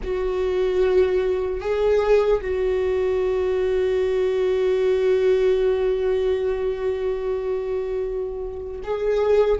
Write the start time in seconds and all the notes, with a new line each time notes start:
0.03 F#4
1.60 G#4
2.41 F#4
8.83 G#4